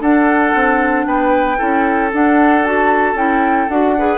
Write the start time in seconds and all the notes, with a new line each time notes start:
0.00 D4 A4 F#5
0.55 C4
1.06 B3 B4 G5
1.58 C#4 E4 A4
2.12 D4 F#5
2.65 F#4 A5
3.14 C#4 E4 G5
3.69 D4 F#4 F#5
3.98 G#4 B4